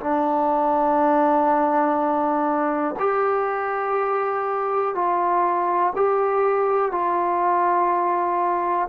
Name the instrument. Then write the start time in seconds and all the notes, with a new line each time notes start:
trombone
0.00 D4
3.00 G4
4.95 F4
5.96 G4
6.92 F4